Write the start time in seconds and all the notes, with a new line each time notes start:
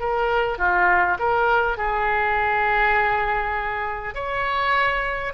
0.00 A#4
0.59 F4
1.20 A#4
1.78 G#4
4.15 C#5